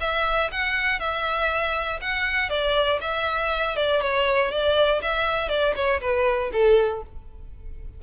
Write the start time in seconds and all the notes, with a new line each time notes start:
0.00 E5
0.51 F#5
0.99 E5
2.01 F#5
2.49 D5
3.00 E5
3.76 D5
4.01 C#5
4.51 D5
5.02 E5
5.49 D5
5.75 C#5
6.00 B4
6.52 A4